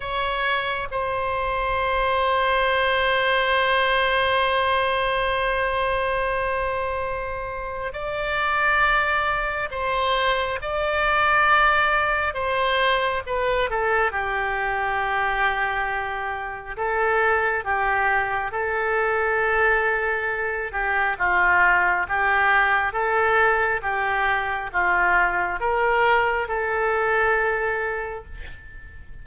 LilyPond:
\new Staff \with { instrumentName = "oboe" } { \time 4/4 \tempo 4 = 68 cis''4 c''2.~ | c''1~ | c''4 d''2 c''4 | d''2 c''4 b'8 a'8 |
g'2. a'4 | g'4 a'2~ a'8 g'8 | f'4 g'4 a'4 g'4 | f'4 ais'4 a'2 | }